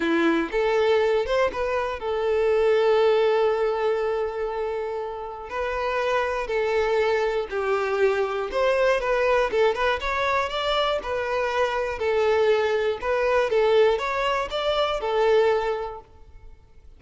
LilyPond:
\new Staff \with { instrumentName = "violin" } { \time 4/4 \tempo 4 = 120 e'4 a'4. c''8 b'4 | a'1~ | a'2. b'4~ | b'4 a'2 g'4~ |
g'4 c''4 b'4 a'8 b'8 | cis''4 d''4 b'2 | a'2 b'4 a'4 | cis''4 d''4 a'2 | }